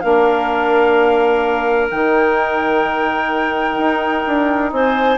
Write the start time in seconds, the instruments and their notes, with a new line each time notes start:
0.00 bassoon A#3, saxophone D4, clarinet A#4, flute F5
1.90 bassoon D#3, saxophone D#4, flute G5
3.76 bassoon D#4
4.27 bassoon D4
4.72 bassoon C4, clarinet C5, flute G#5